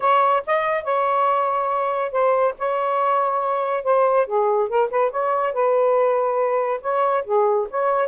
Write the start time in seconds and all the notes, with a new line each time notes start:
0.00 C#5
0.46 D#5
0.83 C#5
2.11 C5
2.58 C#5
3.83 C5
4.26 G#4
4.68 A#4
4.90 B4
5.11 C#5
5.53 B4
6.81 C#5
7.25 G#4
7.70 C#5